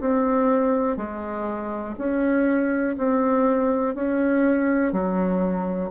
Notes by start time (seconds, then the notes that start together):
0.00 C4
0.97 G#3
1.97 C#4
2.97 C4
3.94 C#4
4.92 F#3